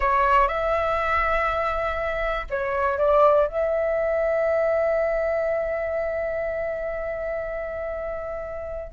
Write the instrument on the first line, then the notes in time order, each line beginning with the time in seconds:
flute
0.00 C#5
0.48 E5
2.50 C#5
2.98 D5
3.47 E5